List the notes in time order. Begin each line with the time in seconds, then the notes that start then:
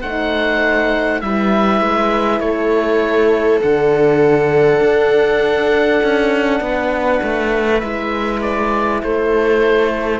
0.00 A3 D#4 C5 F#5
1.21 G3 E4 B4 E5
1.80 G#3
2.40 A3 A4 C#5
3.61 D3 D4 F#5
4.80 D4
6.03 C#4
6.60 B3 B4
7.22 A3
7.79 G#3 E4 E5
8.41 D5
9.03 A3 A4 C5